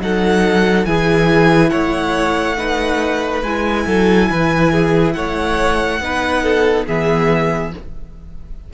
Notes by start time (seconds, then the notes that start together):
0.00 F#3 D#4 A4 F#5
0.86 E3 E4 G#4 G#5
1.70 A3 C#5 F#5
2.57 D#4 B4
3.43 G#3 E4 G#5
3.86 F#3 A4
4.30 E3 B4
4.72 G#4
5.13 A3 C#5 F#5
6.01 B3 D#4 B4
6.43 A4
6.86 E3 B3 G#4 E5